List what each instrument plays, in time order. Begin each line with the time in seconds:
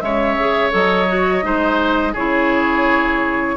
0.00 bassoon C#3, clarinet G#3, oboe C#5, flute E5
0.39 clarinet G#4
0.71 bassoon F#3, clarinet A4, flute D#5
1.08 clarinet F#4
1.42 bassoon G#3, clarinet D#4, oboe C5
2.13 bassoon C#3, clarinet E4, oboe G#4, flute C#5